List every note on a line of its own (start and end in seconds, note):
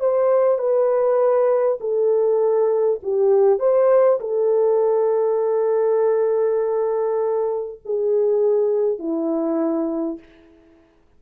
0.00 0.58 C5
0.58 1.78 B4
1.81 3.01 A4
3.03 3.59 G4
3.59 4.19 C5
4.20 7.80 A4
7.85 8.99 G#4
8.99 10.19 E4